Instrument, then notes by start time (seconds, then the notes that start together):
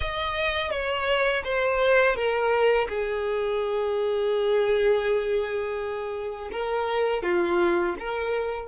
violin
0.00 D#5
0.70 C#5
1.44 C5
2.15 A#4
2.88 G#4
6.52 A#4
7.23 F4
7.99 A#4